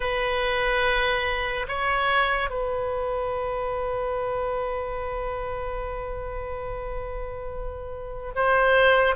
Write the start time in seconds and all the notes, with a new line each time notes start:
0.00 B4
1.67 C#5
2.50 B4
8.35 C5